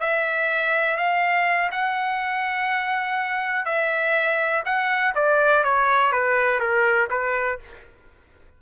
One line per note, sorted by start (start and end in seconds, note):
0.00 0.97 E5
0.97 1.70 F5
1.71 3.65 F#5
3.65 4.63 E5
4.65 5.14 F#5
5.15 5.64 D5
5.64 6.12 C#5
6.12 6.60 B4
6.60 7.08 A#4
7.10 7.59 B4